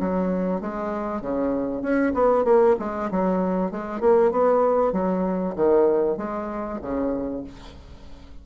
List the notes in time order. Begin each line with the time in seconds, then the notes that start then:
0.00 F#3
0.61 G#3
1.21 C#3
1.82 C#4
2.14 B3
2.45 A#3
2.79 G#3
3.11 F#3
3.71 G#3
4.00 A#3
4.32 B3
4.93 F#3
5.56 D#3
6.17 G#3
6.82 C#3